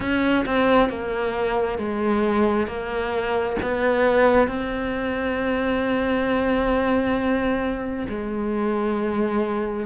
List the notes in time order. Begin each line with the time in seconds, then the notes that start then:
0.00 C#4
0.45 C4
0.89 A#3
1.78 G#3
2.67 A#3
3.61 B3
4.47 C4
8.08 G#3